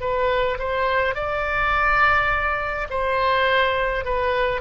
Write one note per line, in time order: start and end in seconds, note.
0.00 0.58 B4
0.59 1.14 C5
1.14 2.87 D5
2.90 4.04 C5
4.04 4.61 B4